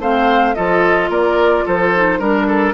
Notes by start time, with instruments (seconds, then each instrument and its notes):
0.00 bassoon A3, clarinet C4, oboe C5, flute F5
0.55 bassoon F3, clarinet F4, oboe A4, flute D#5
1.09 bassoon A#3, oboe A#4, flute D5
1.66 bassoon F3, oboe A4, flute C5
1.96 clarinet D#4
2.19 bassoon G3, clarinet D4, oboe A#4, flute A#4
2.48 oboe A4